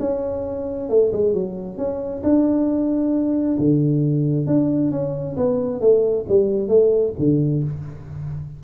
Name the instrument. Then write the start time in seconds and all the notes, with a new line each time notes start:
tuba
0.00 C#4
0.90 A3
1.13 G#3
1.34 F#3
1.78 C#4
2.23 D4
3.59 D3
4.47 D4
4.92 C#4
5.36 B3
5.81 A3
6.29 G3
6.68 A3
7.19 D3